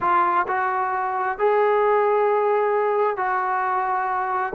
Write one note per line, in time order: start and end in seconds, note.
0.00 0.46 F4
0.47 1.38 F#4
1.38 3.17 G#4
3.17 4.53 F#4